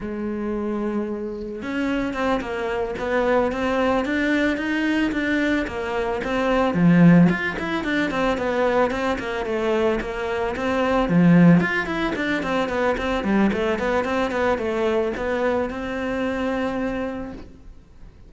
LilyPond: \new Staff \with { instrumentName = "cello" } { \time 4/4 \tempo 4 = 111 gis2. cis'4 | c'8 ais4 b4 c'4 d'8~ | d'8 dis'4 d'4 ais4 c'8~ | c'8 f4 f'8 e'8 d'8 c'8 b8~ |
b8 c'8 ais8 a4 ais4 c'8~ | c'8 f4 f'8 e'8 d'8 c'8 b8 | c'8 g8 a8 b8 c'8 b8 a4 | b4 c'2. | }